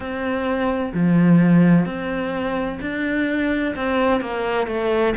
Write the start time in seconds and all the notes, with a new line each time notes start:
0.00 C4
0.93 F3
1.85 C4
2.81 D4
3.75 C4
4.20 A#3
4.67 A3